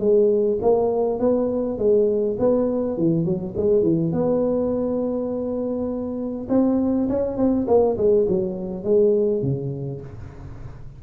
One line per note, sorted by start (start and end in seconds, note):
0.00 0.59 G#3
0.62 1.20 A#3
1.20 1.78 B3
1.78 2.37 G#3
2.39 2.98 B3
2.98 3.25 E3
3.25 3.55 F#3
3.57 3.83 G#3
3.83 4.12 E3
4.12 6.47 B3
6.49 7.08 C4
7.09 7.37 C#4
7.37 7.67 C4
7.67 7.97 A#3
7.98 8.27 G#3
8.28 8.84 F#3
8.84 9.42 G#3
9.42 10.01 C#3